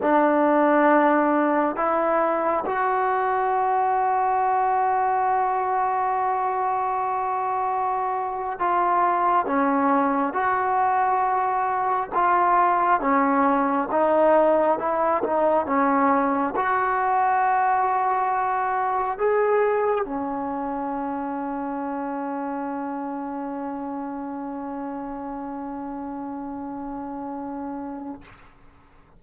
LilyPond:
\new Staff \with { instrumentName = "trombone" } { \time 4/4 \tempo 4 = 68 d'2 e'4 fis'4~ | fis'1~ | fis'4.~ fis'16 f'4 cis'4 fis'16~ | fis'4.~ fis'16 f'4 cis'4 dis'16~ |
dis'8. e'8 dis'8 cis'4 fis'4~ fis'16~ | fis'4.~ fis'16 gis'4 cis'4~ cis'16~ | cis'1~ | cis'1 | }